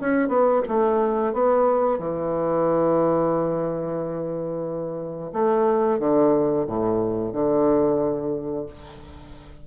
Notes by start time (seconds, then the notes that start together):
0.00 C#4
0.28 B3
0.68 A3
1.33 B3
1.98 E3
5.32 A3
5.99 D3
6.67 A2
7.32 D3